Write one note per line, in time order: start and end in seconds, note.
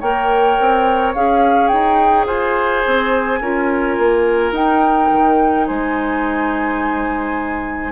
0.00 0.58 A#3
0.00 1.15 A#4
0.00 2.26 C#5
0.00 1.14 G5
0.60 1.15 C4
1.15 1.72 C#4
1.15 3.42 G#4
1.15 1.68 F5
1.68 2.27 D#4
1.68 2.25 G5
2.26 2.83 F4
2.26 3.40 C5
2.26 4.53 G#5
2.86 3.41 C4
3.41 3.98 C#4
3.41 4.54 F4
3.41 5.67 A#4
3.98 4.52 A#3
4.52 5.08 D#4
4.52 7.92 D#4
4.52 5.67 G5
5.12 5.68 D#3
5.67 7.92 G#3
5.67 7.92 C5
5.67 7.92 G#5